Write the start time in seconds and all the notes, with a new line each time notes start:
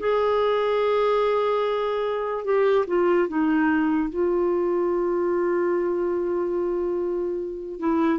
0.00 G#4
2.45 G4
2.88 F4
3.29 D#4
4.10 F4
7.80 E4